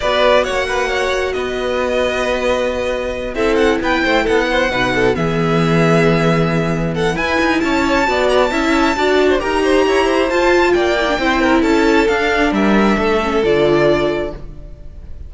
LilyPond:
<<
  \new Staff \with { instrumentName = "violin" } { \time 4/4 \tempo 4 = 134 d''4 fis''2 dis''4~ | dis''2.~ dis''8 e''8 | fis''8 g''4 fis''2 e''8~ | e''2.~ e''8 fis''8 |
gis''4 a''4. ais''16 a''4~ a''16~ | a''4 ais''2 a''4 | g''2 a''4 f''4 | e''2 d''2 | }
  \new Staff \with { instrumentName = "violin" } { \time 4/4 b'4 cis''8 b'8 cis''4 b'4~ | b'2.~ b'8 a'8~ | a'8 b'8 c''8 a'8 c''8 b'8 a'8 gis'8~ | gis'2.~ gis'8 a'8 |
b'4 cis''4 d''4 e''4 | d''8. c''16 ais'8 c''8 cis''8 c''4. | d''4 c''8 ais'8 a'2 | ais'4 a'2. | }
  \new Staff \with { instrumentName = "viola" } { \time 4/4 fis'1~ | fis'2.~ fis'8 e'8~ | e'2~ e'8 dis'4 b8~ | b1 |
e'2 fis'4 e'4 | fis'4 g'2 f'4~ | f'8 e'16 d'16 e'2 d'4~ | d'4. cis'8 f'2 | }
  \new Staff \with { instrumentName = "cello" } { \time 4/4 b4 ais2 b4~ | b2.~ b8 c'8~ | c'8 b8 a8 b4 b,4 e8~ | e1 |
e'8 dis'8 cis'4 b4 cis'4 | d'4 dis'4 e'4 f'4 | ais4 c'4 cis'4 d'4 | g4 a4 d2 | }
>>